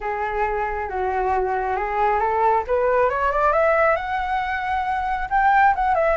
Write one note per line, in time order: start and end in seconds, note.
0.00 0.89 G#4
0.89 1.76 F#4
1.76 2.19 G#4
2.19 2.63 A4
2.67 3.09 B4
3.09 3.31 C#5
3.31 3.53 D5
3.53 3.95 E5
3.95 5.28 F#5
5.30 5.74 G5
5.75 5.94 F#5
5.94 6.16 E5